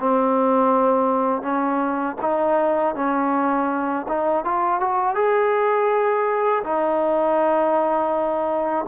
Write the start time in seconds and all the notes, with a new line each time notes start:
0.00 C4
1.42 C#4
2.22 D#4
2.95 C#4
4.08 D#4
4.45 F4
4.80 F#4
5.15 G#4
6.64 D#4